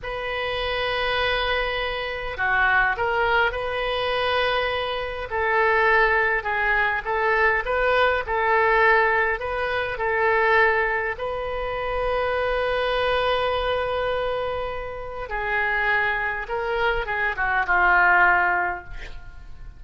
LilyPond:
\new Staff \with { instrumentName = "oboe" } { \time 4/4 \tempo 4 = 102 b'1 | fis'4 ais'4 b'2~ | b'4 a'2 gis'4 | a'4 b'4 a'2 |
b'4 a'2 b'4~ | b'1~ | b'2 gis'2 | ais'4 gis'8 fis'8 f'2 | }